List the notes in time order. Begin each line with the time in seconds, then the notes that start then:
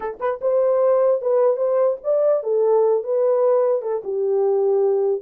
0.00 A4
0.20 B4
0.41 C5
1.21 B4
1.56 C5
2.03 D5
2.43 A4
3.03 B4
3.82 A4
4.04 G4